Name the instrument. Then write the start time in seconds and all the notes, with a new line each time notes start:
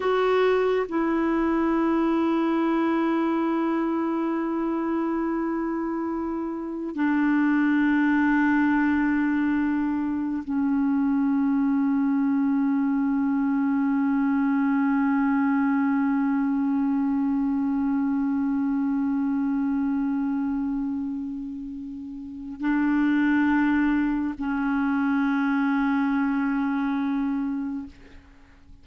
clarinet
0.00 F#4
0.88 E4
6.95 D4
10.43 C#4
22.60 D4
24.38 C#4